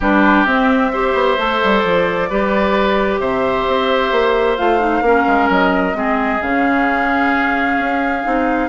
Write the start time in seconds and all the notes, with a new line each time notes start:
0.00 G3 D4 G4 B4
0.44 C4 E5
0.92 G4 C5
1.14 B3
1.37 A3 A4
1.63 G3
1.78 F3 D5
2.29 G3 G4 B4
3.19 C3 C5 E5
3.67 C4
4.11 A#3
4.56 A3 F4 F5
4.79 D#4
5.01 A#3 C#4 A#4
5.27 G#3
5.49 F#3 D#5
5.93 G#3 C4 G#4
6.41 C#3 C#4 F5
7.77 C#4
8.23 C4 D#4